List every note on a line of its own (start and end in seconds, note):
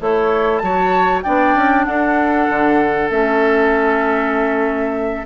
0.00 0.62 A3
0.00 0.63 E4
0.00 0.62 A4
0.00 0.58 C#5
0.58 1.24 F#3
0.58 1.24 F#4
0.58 1.20 A5
0.64 1.24 C#5
1.23 1.55 B3
1.23 3.09 D4
1.23 1.86 D5
1.23 1.85 G5
1.55 1.86 C#4
1.85 2.48 D4
1.85 5.26 A4
1.85 3.09 F#5
2.49 3.10 D3
3.09 5.26 A3
3.09 5.26 C#4
3.09 5.26 E5